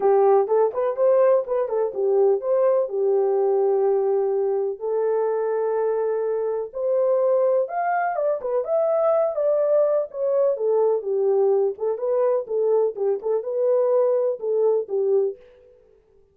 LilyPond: \new Staff \with { instrumentName = "horn" } { \time 4/4 \tempo 4 = 125 g'4 a'8 b'8 c''4 b'8 a'8 | g'4 c''4 g'2~ | g'2 a'2~ | a'2 c''2 |
f''4 d''8 b'8 e''4. d''8~ | d''4 cis''4 a'4 g'4~ | g'8 a'8 b'4 a'4 g'8 a'8 | b'2 a'4 g'4 | }